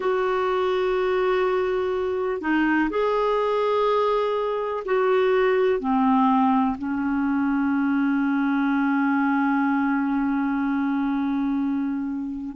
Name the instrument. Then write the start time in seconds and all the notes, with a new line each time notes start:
clarinet
0.00 F#4
2.41 D#4
2.89 G#4
4.85 F#4
5.79 C4
6.77 C#4